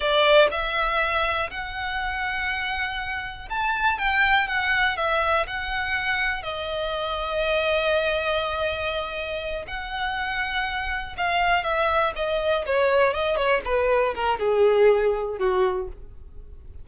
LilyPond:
\new Staff \with { instrumentName = "violin" } { \time 4/4 \tempo 4 = 121 d''4 e''2 fis''4~ | fis''2. a''4 | g''4 fis''4 e''4 fis''4~ | fis''4 dis''2.~ |
dis''2.~ dis''8 fis''8~ | fis''2~ fis''8 f''4 e''8~ | e''8 dis''4 cis''4 dis''8 cis''8 b'8~ | b'8 ais'8 gis'2 fis'4 | }